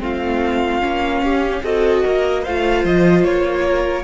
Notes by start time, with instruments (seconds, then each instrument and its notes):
0.00 cello A3, viola C4, violin F4 F5
0.81 cello A#3, viola C#4
1.23 cello C#4, violin G4
1.63 cello C4, viola F#4, violin A4 D#5
2.04 cello A#3, violin A#4
2.42 cello A3, viola F4, violin C5 F5
2.85 cello F3, violin D#5
3.24 cello A#3, violin C#5
3.64 violin A#4